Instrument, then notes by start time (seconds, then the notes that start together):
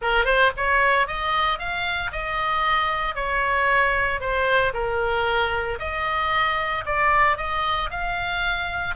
oboe
0.01 A#4
0.25 C5
0.56 C#5
1.07 D#5
1.58 F5
2.12 D#5
3.15 C#5
4.20 C5
4.73 A#4
5.79 D#5
6.85 D5
7.37 D#5
7.90 F5